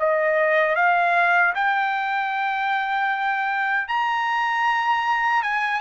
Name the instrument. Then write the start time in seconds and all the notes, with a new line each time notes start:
trumpet
0.00 D#5
0.76 F5
1.55 G5
3.88 A#5
5.43 G#5